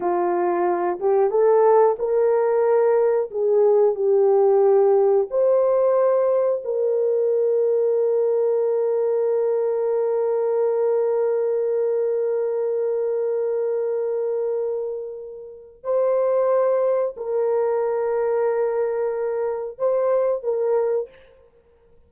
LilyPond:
\new Staff \with { instrumentName = "horn" } { \time 4/4 \tempo 4 = 91 f'4. g'8 a'4 ais'4~ | ais'4 gis'4 g'2 | c''2 ais'2~ | ais'1~ |
ais'1~ | ais'1 | c''2 ais'2~ | ais'2 c''4 ais'4 | }